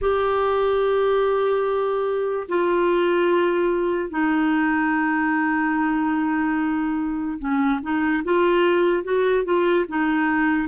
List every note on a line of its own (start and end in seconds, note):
0.01 2.47 G4
2.48 4.09 F4
4.09 7.38 D#4
7.39 7.80 C#4
7.82 8.23 D#4
8.24 9.03 F4
9.03 9.44 F#4
9.44 9.85 F4
9.88 10.68 D#4